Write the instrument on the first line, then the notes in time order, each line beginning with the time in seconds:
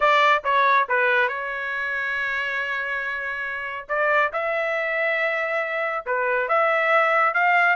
trumpet
0.00 D5
0.44 C#5
0.88 B4
1.28 C#5
3.88 D5
4.32 E5
6.05 B4
6.48 E5
7.34 F5